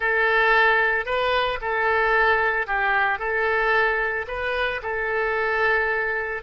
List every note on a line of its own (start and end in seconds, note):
0.00 1.05 A4
1.05 1.59 B4
1.61 2.66 A4
2.66 3.19 G4
3.19 4.26 A4
4.27 4.81 B4
4.82 6.43 A4